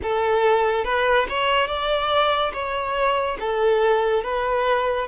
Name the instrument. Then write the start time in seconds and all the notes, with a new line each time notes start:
violin
0.02 A4
0.84 B4
1.29 C#5
1.67 D5
2.53 C#5
3.40 A4
4.23 B4